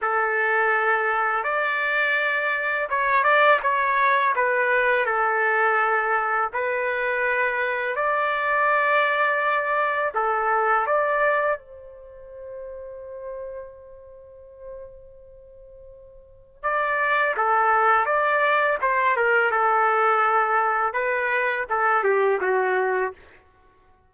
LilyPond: \new Staff \with { instrumentName = "trumpet" } { \time 4/4 \tempo 4 = 83 a'2 d''2 | cis''8 d''8 cis''4 b'4 a'4~ | a'4 b'2 d''4~ | d''2 a'4 d''4 |
c''1~ | c''2. d''4 | a'4 d''4 c''8 ais'8 a'4~ | a'4 b'4 a'8 g'8 fis'4 | }